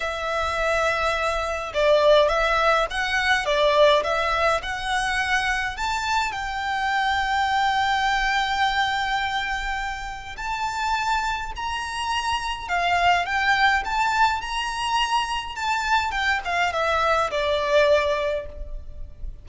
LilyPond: \new Staff \with { instrumentName = "violin" } { \time 4/4 \tempo 4 = 104 e''2. d''4 | e''4 fis''4 d''4 e''4 | fis''2 a''4 g''4~ | g''1~ |
g''2 a''2 | ais''2 f''4 g''4 | a''4 ais''2 a''4 | g''8 f''8 e''4 d''2 | }